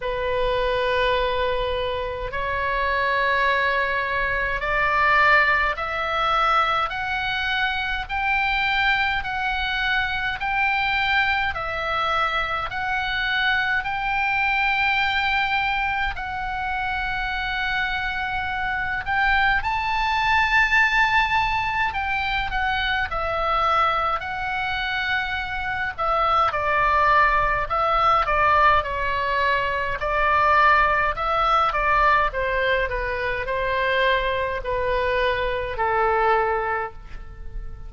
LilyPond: \new Staff \with { instrumentName = "oboe" } { \time 4/4 \tempo 4 = 52 b'2 cis''2 | d''4 e''4 fis''4 g''4 | fis''4 g''4 e''4 fis''4 | g''2 fis''2~ |
fis''8 g''8 a''2 g''8 fis''8 | e''4 fis''4. e''8 d''4 | e''8 d''8 cis''4 d''4 e''8 d''8 | c''8 b'8 c''4 b'4 a'4 | }